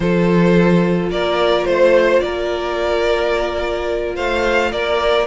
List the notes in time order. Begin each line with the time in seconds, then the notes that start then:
0.00 F3 F4 A4 C5
1.10 A#3 A#4 D5
1.64 A3 C5
2.20 A#3 A#4 D5
4.15 A3 C5 F5
4.71 A#3 A#4 D5